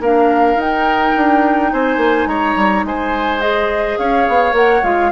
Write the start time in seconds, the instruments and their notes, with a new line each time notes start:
0.00 bassoon A#3, clarinet D4, oboe A#4, flute F5
0.55 bassoon D#4, clarinet D#4, flute G5
1.17 bassoon D4
1.73 bassoon C4, oboe C5, flute G#5
1.97 bassoon A#3
2.27 bassoon G#3, oboe C#5, flute A#5
2.56 bassoon G3
2.84 bassoon G#3, oboe C5, flute G#5
3.41 clarinet G#4, flute D#5
3.98 bassoon C#4, oboe C#5, flute F5
4.28 bassoon B3
4.52 bassoon A#3, clarinet A#4, flute F#5
4.83 bassoon G#3, clarinet F4, flute F5